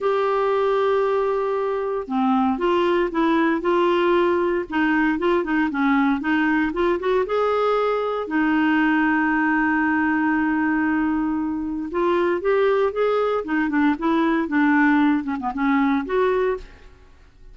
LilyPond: \new Staff \with { instrumentName = "clarinet" } { \time 4/4 \tempo 4 = 116 g'1 | c'4 f'4 e'4 f'4~ | f'4 dis'4 f'8 dis'8 cis'4 | dis'4 f'8 fis'8 gis'2 |
dis'1~ | dis'2. f'4 | g'4 gis'4 dis'8 d'8 e'4 | d'4. cis'16 b16 cis'4 fis'4 | }